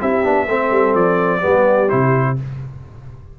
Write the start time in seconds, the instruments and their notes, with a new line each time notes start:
0.00 tuba C4, trombone E4, horn G4, trumpet E5
0.24 tuba B3, trombone D4
0.48 tuba A3, trombone C4, horn A4
0.71 tuba G3
0.94 tuba F3, trumpet D5
1.40 tuba G3, trombone B3, horn G4
1.88 tuba C3, trombone E4, trumpet C5